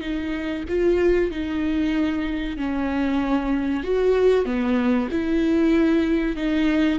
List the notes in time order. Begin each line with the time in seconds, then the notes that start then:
0.00 D#4
0.68 F4
1.31 D#4
2.57 C#4
3.83 F#4
4.45 B3
5.11 E4
6.36 D#4